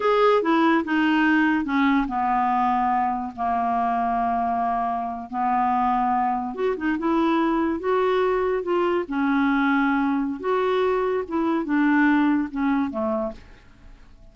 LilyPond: \new Staff \with { instrumentName = "clarinet" } { \time 4/4 \tempo 4 = 144 gis'4 e'4 dis'2 | cis'4 b2. | ais1~ | ais8. b2. fis'16~ |
fis'16 dis'8 e'2 fis'4~ fis'16~ | fis'8. f'4 cis'2~ cis'16~ | cis'4 fis'2 e'4 | d'2 cis'4 a4 | }